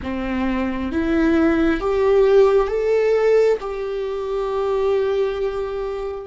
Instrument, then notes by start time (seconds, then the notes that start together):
viola
0.02 C4
0.92 E4
1.80 G4
2.68 A4
3.60 G4